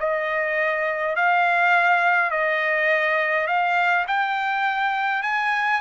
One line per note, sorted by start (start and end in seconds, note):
0.00 1.16 D#5
1.16 2.31 F5
2.31 3.47 D#5
3.47 4.06 F5
4.08 5.23 G5
5.23 5.81 G#5